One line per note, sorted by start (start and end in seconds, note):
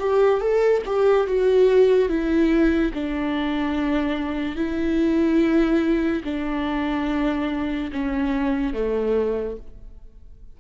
0.00 0.41 G4
0.41 0.83 A4
0.86 1.27 G4
1.27 2.09 F#4
2.09 2.92 E4
2.94 4.56 D4
4.56 6.23 E4
6.25 7.91 D4
7.92 8.73 C#4
8.73 9.57 A3